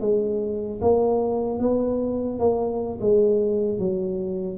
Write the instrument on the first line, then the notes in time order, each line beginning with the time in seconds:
tuba
0.00 G#3
0.81 A#3
1.59 B3
2.39 A#3
3.00 G#3
3.78 F#3